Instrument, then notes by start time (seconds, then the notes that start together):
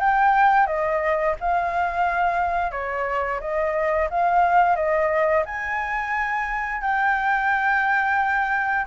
flute
0.00 G5
0.67 D#5
1.40 F5
2.72 C#5
3.40 D#5
4.10 F5
4.76 D#5
5.45 G#5
6.82 G5